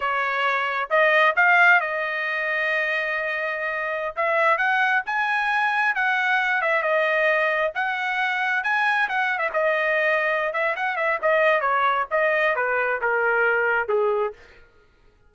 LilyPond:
\new Staff \with { instrumentName = "trumpet" } { \time 4/4 \tempo 4 = 134 cis''2 dis''4 f''4 | dis''1~ | dis''4~ dis''16 e''4 fis''4 gis''8.~ | gis''4~ gis''16 fis''4. e''8 dis''8.~ |
dis''4~ dis''16 fis''2 gis''8.~ | gis''16 fis''8. e''16 dis''2~ dis''16 e''8 | fis''8 e''8 dis''4 cis''4 dis''4 | b'4 ais'2 gis'4 | }